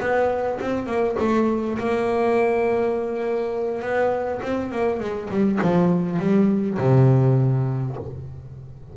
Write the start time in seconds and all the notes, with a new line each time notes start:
0.00 B3
0.61 C4
0.86 A#3
1.19 A3
1.79 A#3
3.82 B3
4.42 C4
4.71 A#3
5.00 G#3
5.30 G3
5.62 F3
6.19 G3
6.79 C3